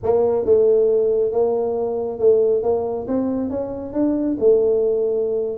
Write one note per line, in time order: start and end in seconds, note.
0.03 0.45 A#3
0.45 1.31 A3
1.31 2.19 A#3
2.19 2.63 A3
2.63 3.06 A#3
3.07 3.49 C4
3.49 3.93 C#4
3.93 4.37 D4
4.39 5.57 A3